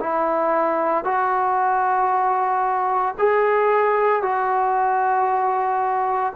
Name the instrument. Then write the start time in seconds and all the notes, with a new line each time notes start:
trombone
0.00 E4
1.05 F#4
3.19 G#4
4.22 F#4